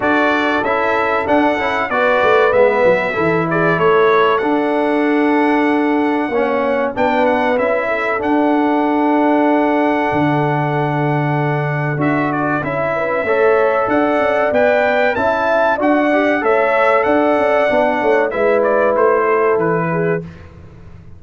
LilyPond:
<<
  \new Staff \with { instrumentName = "trumpet" } { \time 4/4 \tempo 4 = 95 d''4 e''4 fis''4 d''4 | e''4. d''8 cis''4 fis''4~ | fis''2. g''8 fis''8 | e''4 fis''2.~ |
fis''2. e''8 d''8 | e''2 fis''4 g''4 | a''4 fis''4 e''4 fis''4~ | fis''4 e''8 d''8 c''4 b'4 | }
  \new Staff \with { instrumentName = "horn" } { \time 4/4 a'2. b'4~ | b'4 a'8 gis'8 a'2~ | a'2 cis''4 b'4~ | b'8 a'2.~ a'8~ |
a'1~ | a'8 b'8 cis''4 d''2 | e''4 d''4 cis''4 d''4~ | d''8 cis''8 b'4. a'4 gis'8 | }
  \new Staff \with { instrumentName = "trombone" } { \time 4/4 fis'4 e'4 d'8 e'8 fis'4 | b4 e'2 d'4~ | d'2 cis'4 d'4 | e'4 d'2.~ |
d'2. fis'4 | e'4 a'2 b'4 | e'4 fis'8 g'8 a'2 | d'4 e'2. | }
  \new Staff \with { instrumentName = "tuba" } { \time 4/4 d'4 cis'4 d'8 cis'8 b8 a8 | gis8 fis8 e4 a4 d'4~ | d'2 ais4 b4 | cis'4 d'2. |
d2. d'4 | cis'4 a4 d'8 cis'8 b4 | cis'4 d'4 a4 d'8 cis'8 | b8 a8 gis4 a4 e4 | }
>>